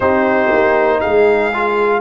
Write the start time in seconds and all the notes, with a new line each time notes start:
0.00 C4 D#4 G4 C5
0.52 A#3
1.00 G#4 F5
1.06 G#3
1.52 F4